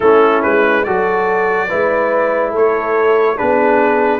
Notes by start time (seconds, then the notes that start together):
0.00 A3 C#4 E4 A4
0.42 G#3 B4
0.84 F#3 F#4 A4 D5
1.68 G#3 E4 B4
2.50 A3 A4 C#5
3.36 B3 D4 G#4 B4